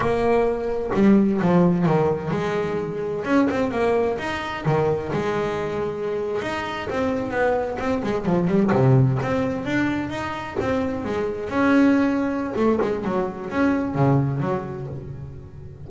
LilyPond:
\new Staff \with { instrumentName = "double bass" } { \time 4/4 \tempo 4 = 129 ais2 g4 f4 | dis4 gis2 cis'8 c'8 | ais4 dis'4 dis4 gis4~ | gis4.~ gis16 dis'4 c'4 b16~ |
b8. c'8 gis8 f8 g8 c4 c'16~ | c'8. d'4 dis'4 c'4 gis16~ | gis8. cis'2~ cis'16 a8 gis8 | fis4 cis'4 cis4 fis4 | }